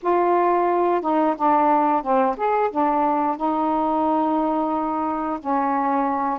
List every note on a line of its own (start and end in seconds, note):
0.02 1.01 F4
1.01 1.35 D#4
1.36 2.02 D4
2.02 2.36 C4
2.36 2.70 G#4
2.70 3.36 D4
3.36 5.39 D#4
5.40 6.39 C#4